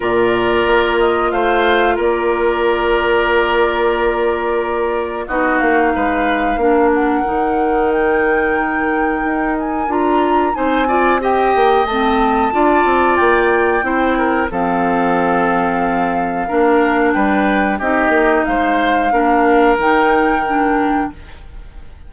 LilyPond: <<
  \new Staff \with { instrumentName = "flute" } { \time 4/4 \tempo 4 = 91 d''4. dis''8 f''4 d''4~ | d''1 | dis''8 f''2 fis''4. | g''2~ g''8 gis''8 ais''4 |
gis''4 g''4 a''2 | g''2 f''2~ | f''2 g''4 dis''4 | f''2 g''2 | }
  \new Staff \with { instrumentName = "oboe" } { \time 4/4 ais'2 c''4 ais'4~ | ais'1 | fis'4 b'4 ais'2~ | ais'1 |
c''8 d''8 dis''2 d''4~ | d''4 c''8 ais'8 a'2~ | a'4 ais'4 b'4 g'4 | c''4 ais'2. | }
  \new Staff \with { instrumentName = "clarinet" } { \time 4/4 f'1~ | f'1 | dis'2 d'4 dis'4~ | dis'2. f'4 |
dis'8 f'8 g'4 c'4 f'4~ | f'4 e'4 c'2~ | c'4 d'2 dis'4~ | dis'4 d'4 dis'4 d'4 | }
  \new Staff \with { instrumentName = "bassoon" } { \time 4/4 ais,4 ais4 a4 ais4~ | ais1 | b8 ais8 gis4 ais4 dis4~ | dis2 dis'4 d'4 |
c'4. ais8 a4 d'8 c'8 | ais4 c'4 f2~ | f4 ais4 g4 c'8 ais8 | gis4 ais4 dis2 | }
>>